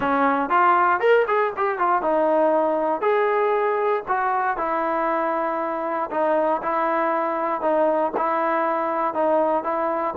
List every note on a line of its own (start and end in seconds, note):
0.00 0.49 C#4
0.49 1.00 F4
1.00 1.25 A#4
1.27 1.53 G#4
1.56 1.78 G4
1.78 2.02 F4
2.02 3.01 D#4
3.01 4.03 G#4
4.08 4.57 F#4
4.57 6.09 E4
6.10 6.61 D#4
6.62 7.61 E4
7.61 8.12 D#4
8.16 9.14 E4
9.14 9.63 D#4
9.63 10.14 E4